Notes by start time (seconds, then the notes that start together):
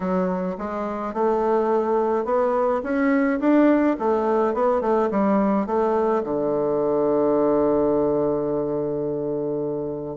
0.00 F#3
0.58 G#3
1.13 A3
2.25 B3
2.83 C#4
3.40 D4
3.99 A3
4.54 B3
4.81 A3
5.10 G3
5.66 A3
6.23 D3